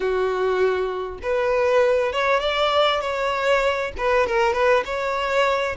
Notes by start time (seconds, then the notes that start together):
0.00 F#4
1.22 B4
2.12 C#5
2.40 D5
3.01 C#5
3.97 B4
4.26 A#4
4.53 B4
4.85 C#5